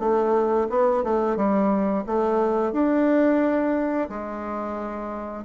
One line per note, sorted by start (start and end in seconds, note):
0.00 0.68 A3
0.70 1.04 B3
1.04 1.37 A3
1.37 2.05 G3
2.07 2.73 A3
2.73 4.09 D4
4.09 5.45 G#3